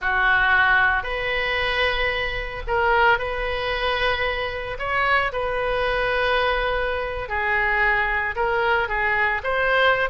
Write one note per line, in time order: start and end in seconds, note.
0.01 1.03 F#4
1.03 2.62 B4
2.67 3.18 A#4
3.18 4.77 B4
4.78 5.31 C#5
5.32 7.29 B4
7.29 8.35 G#4
8.35 8.88 A#4
8.88 9.41 G#4
9.43 10.09 C5